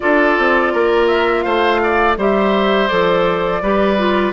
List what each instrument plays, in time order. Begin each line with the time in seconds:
0.00 bassoon D4, clarinet F4, oboe A4, flute D5
0.38 bassoon C4
0.73 bassoon A#3, oboe A#4
1.07 flute E5
1.42 bassoon A3, oboe C5, flute F5
1.83 oboe D5
2.17 bassoon G3, clarinet G4, oboe C5, flute E5
2.87 bassoon F3, clarinet A4, flute D5
3.61 bassoon G3, clarinet G4, oboe B4
3.97 clarinet F4